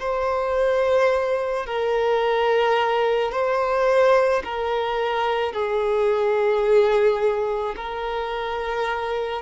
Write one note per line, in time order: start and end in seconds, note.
0.00 1.67 C5
1.67 3.32 A#4
3.32 4.43 C5
4.44 5.53 A#4
5.53 7.75 G#4
7.77 9.42 A#4